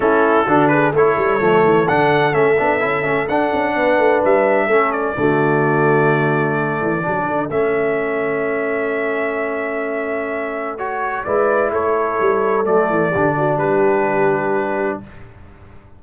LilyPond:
<<
  \new Staff \with { instrumentName = "trumpet" } { \time 4/4 \tempo 4 = 128 a'4. b'8 cis''2 | fis''4 e''2 fis''4~ | fis''4 e''4. d''4.~ | d''1 |
e''1~ | e''2. cis''4 | d''4 cis''2 d''4~ | d''4 b'2. | }
  \new Staff \with { instrumentName = "horn" } { \time 4/4 e'4 fis'8 gis'8 a'2~ | a'1 | b'2 a'4 fis'4~ | fis'2 a'2~ |
a'1~ | a'1 | b'4 a'2. | g'8 fis'8 g'2. | }
  \new Staff \with { instrumentName = "trombone" } { \time 4/4 cis'4 d'4 e'4 a4 | d'4 cis'8 d'8 e'8 cis'8 d'4~ | d'2 cis'4 a4~ | a2. d'4 |
cis'1~ | cis'2. fis'4 | e'2. a4 | d'1 | }
  \new Staff \with { instrumentName = "tuba" } { \time 4/4 a4 d4 a8 g8 f8 e8 | d4 a8 b8 cis'8 a8 d'8 cis'8 | b8 a8 g4 a4 d4~ | d2~ d8 e8 fis8 d8 |
a1~ | a1 | gis4 a4 g4 fis8 e8 | d4 g2. | }
>>